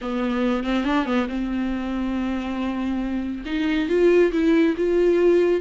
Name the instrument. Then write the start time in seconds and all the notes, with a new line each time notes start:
viola
0.01 B3
0.63 C4
0.84 D4
1.05 B3
1.28 C4
3.45 D#4
3.88 F4
4.31 E4
4.77 F4